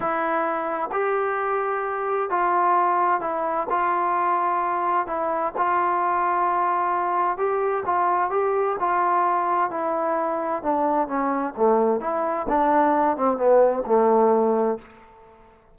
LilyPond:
\new Staff \with { instrumentName = "trombone" } { \time 4/4 \tempo 4 = 130 e'2 g'2~ | g'4 f'2 e'4 | f'2. e'4 | f'1 |
g'4 f'4 g'4 f'4~ | f'4 e'2 d'4 | cis'4 a4 e'4 d'4~ | d'8 c'8 b4 a2 | }